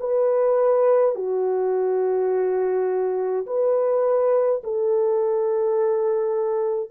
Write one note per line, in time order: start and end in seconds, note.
0.00 1.15 B4
1.15 3.46 F#4
3.47 4.62 B4
4.64 6.91 A4